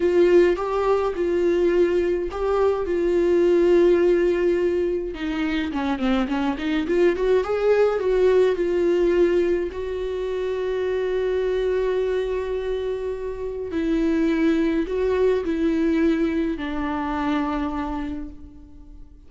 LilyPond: \new Staff \with { instrumentName = "viola" } { \time 4/4 \tempo 4 = 105 f'4 g'4 f'2 | g'4 f'2.~ | f'4 dis'4 cis'8 c'8 cis'8 dis'8 | f'8 fis'8 gis'4 fis'4 f'4~ |
f'4 fis'2.~ | fis'1 | e'2 fis'4 e'4~ | e'4 d'2. | }